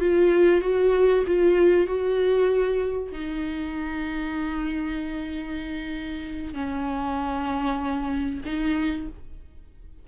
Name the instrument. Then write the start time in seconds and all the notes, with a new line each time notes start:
viola
0.00 F4
0.61 F#4
1.27 F4
1.87 F#4
3.12 D#4
6.54 C#4
8.45 D#4